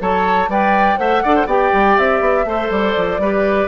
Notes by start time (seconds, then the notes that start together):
0.00 F#3 A4 C#5 A5
0.48 G3 B4 D5 G5
0.97 A3 C5 E5 F#5
1.24 D4 A4 D5
1.36 C5
1.46 B3 G4 D5 G5
1.73 G3
1.98 C4 E5
2.21 B3
2.45 A3 A4 C5
2.71 G3 D5
2.97 F3
3.19 G3 G4 B4